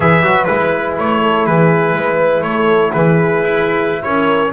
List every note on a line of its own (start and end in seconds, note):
0.00 0.23 E3
0.00 0.23 G#4
0.00 1.22 B4
0.00 0.44 E5
0.23 0.47 F#3
0.23 0.46 F#4
0.44 0.97 G#3
0.44 4.49 E4
0.44 0.93 B4
0.97 1.46 A3
0.97 1.46 C#5
1.22 1.46 A4
1.46 1.93 E3
1.46 1.95 G#4
1.46 2.42 B4
1.93 2.41 G#3
1.93 2.45 B4
2.41 2.90 A3
2.41 2.91 A4
2.41 2.91 C#5
2.91 3.43 E3
2.91 4.01 G#4
2.91 4.02 B4
3.43 4.04 E4
4.02 4.52 C#4
4.02 4.52 A#4
4.02 4.51 C#5